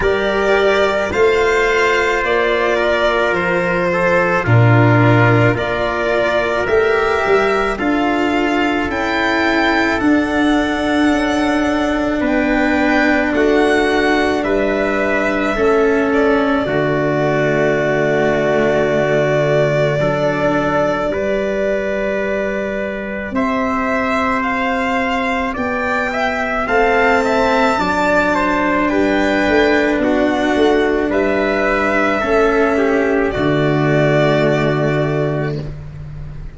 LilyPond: <<
  \new Staff \with { instrumentName = "violin" } { \time 4/4 \tempo 4 = 54 d''4 f''4 d''4 c''4 | ais'4 d''4 e''4 f''4 | g''4 fis''2 g''4 | fis''4 e''4. d''4.~ |
d''1~ | d''4 e''4 f''4 g''4 | a''2 g''4 fis''4 | e''2 d''2 | }
  \new Staff \with { instrumentName = "trumpet" } { \time 4/4 ais'4 c''4. ais'4 a'8 | f'4 ais'2 a'4~ | a'2. b'4 | fis'4 b'4 a'4 fis'4~ |
fis'2 a'4 b'4~ | b'4 c''2 d''8 e''8 | f''8 e''8 d''8 c''8 b'4 fis'4 | b'4 a'8 g'8 fis'2 | }
  \new Staff \with { instrumentName = "cello" } { \time 4/4 g'4 f'2. | d'4 f'4 g'4 f'4 | e'4 d'2.~ | d'2 cis'4 a4~ |
a2 d'4 g'4~ | g'1 | c'4 d'2.~ | d'4 cis'4 a2 | }
  \new Staff \with { instrumentName = "tuba" } { \time 4/4 g4 a4 ais4 f4 | ais,4 ais4 a8 g8 d'4 | cis'4 d'4 cis'4 b4 | a4 g4 a4 d4~ |
d2 fis4 g4~ | g4 c'2 b4 | a4 fis4 g8 a8 b8 a8 | g4 a4 d2 | }
>>